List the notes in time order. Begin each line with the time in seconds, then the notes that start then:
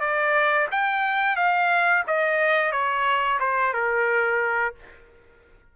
0.00 D5
0.71 G5
1.36 F5
2.07 D#5
2.72 C#5
3.40 C5
3.73 A#4